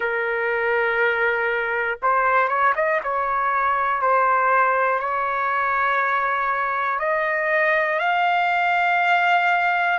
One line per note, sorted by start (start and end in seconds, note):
0.00 1.98 A#4
2.02 2.48 C5
2.48 2.73 C#5
2.75 3.00 D#5
3.03 4.01 C#5
4.01 4.99 C5
4.99 6.99 C#5
6.99 7.99 D#5
7.99 9.99 F5